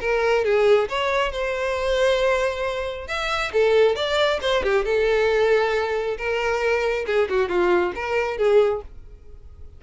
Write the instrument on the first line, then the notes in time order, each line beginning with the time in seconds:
violin
0.00 A#4
0.44 G#4
0.88 C#5
1.32 C5
3.07 E5
3.52 A4
3.95 D5
4.41 C5
4.63 G4
4.84 A4
6.17 A#4
7.06 G#4
7.29 F#4
7.48 F4
7.95 A#4
8.37 G#4